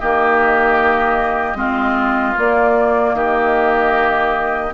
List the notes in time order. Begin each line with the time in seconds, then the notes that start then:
0.00 D#3 A#3 G4 D#5
1.54 G#3 C4 F4
2.36 A#3 D5
3.14 D#3 G4 D#5